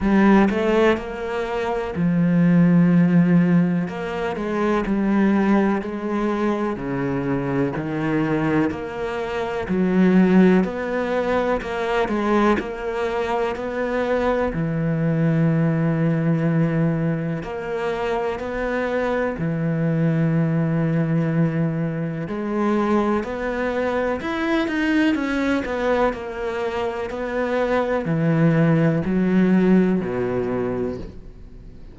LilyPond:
\new Staff \with { instrumentName = "cello" } { \time 4/4 \tempo 4 = 62 g8 a8 ais4 f2 | ais8 gis8 g4 gis4 cis4 | dis4 ais4 fis4 b4 | ais8 gis8 ais4 b4 e4~ |
e2 ais4 b4 | e2. gis4 | b4 e'8 dis'8 cis'8 b8 ais4 | b4 e4 fis4 b,4 | }